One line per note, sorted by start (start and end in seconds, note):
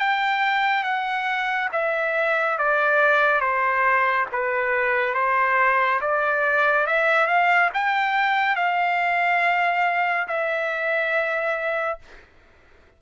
0.00 0.84 G5
0.84 1.70 F#5
1.73 2.59 E5
2.59 3.41 D5
3.41 4.27 C5
4.33 5.15 B4
5.15 6.01 C5
6.02 6.87 D5
6.87 7.27 E5
7.27 7.70 F5
7.74 8.56 G5
8.56 10.28 F5
10.28 12.00 E5